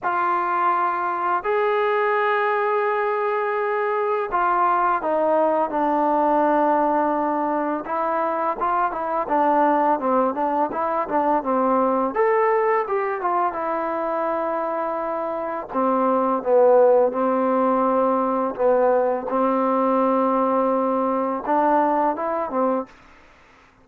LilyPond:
\new Staff \with { instrumentName = "trombone" } { \time 4/4 \tempo 4 = 84 f'2 gis'2~ | gis'2 f'4 dis'4 | d'2. e'4 | f'8 e'8 d'4 c'8 d'8 e'8 d'8 |
c'4 a'4 g'8 f'8 e'4~ | e'2 c'4 b4 | c'2 b4 c'4~ | c'2 d'4 e'8 c'8 | }